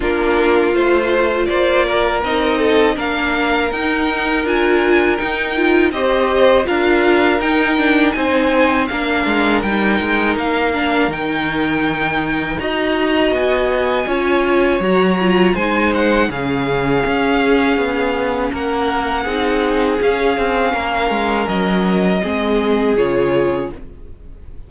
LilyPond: <<
  \new Staff \with { instrumentName = "violin" } { \time 4/4 \tempo 4 = 81 ais'4 c''4 d''4 dis''4 | f''4 g''4 gis''4 g''4 | dis''4 f''4 g''4 gis''4 | f''4 g''4 f''4 g''4~ |
g''4 ais''4 gis''2 | ais''4 gis''8 fis''8 f''2~ | f''4 fis''2 f''4~ | f''4 dis''2 cis''4 | }
  \new Staff \with { instrumentName = "violin" } { \time 4/4 f'2 c''8 ais'4 a'8 | ais'1 | c''4 ais'2 c''4 | ais'1~ |
ais'4 dis''2 cis''4~ | cis''4 c''4 gis'2~ | gis'4 ais'4 gis'2 | ais'2 gis'2 | }
  \new Staff \with { instrumentName = "viola" } { \time 4/4 d'4 f'2 dis'4 | d'4 dis'4 f'4 dis'8 f'8 | g'4 f'4 dis'8 d'8 dis'4 | d'4 dis'4. d'8 dis'4~ |
dis'4 fis'2 f'4 | fis'8 f'8 dis'4 cis'2~ | cis'2 dis'4 cis'4~ | cis'2 c'4 f'4 | }
  \new Staff \with { instrumentName = "cello" } { \time 4/4 ais4 a4 ais4 c'4 | ais4 dis'4 d'4 dis'4 | c'4 d'4 dis'4 c'4 | ais8 gis8 g8 gis8 ais4 dis4~ |
dis4 dis'4 b4 cis'4 | fis4 gis4 cis4 cis'4 | b4 ais4 c'4 cis'8 c'8 | ais8 gis8 fis4 gis4 cis4 | }
>>